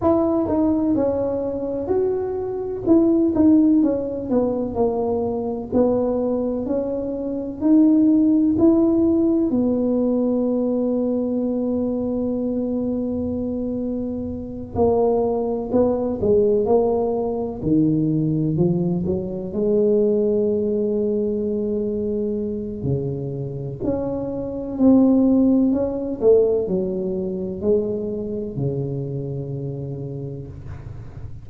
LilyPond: \new Staff \with { instrumentName = "tuba" } { \time 4/4 \tempo 4 = 63 e'8 dis'8 cis'4 fis'4 e'8 dis'8 | cis'8 b8 ais4 b4 cis'4 | dis'4 e'4 b2~ | b2.~ b8 ais8~ |
ais8 b8 gis8 ais4 dis4 f8 | fis8 gis2.~ gis8 | cis4 cis'4 c'4 cis'8 a8 | fis4 gis4 cis2 | }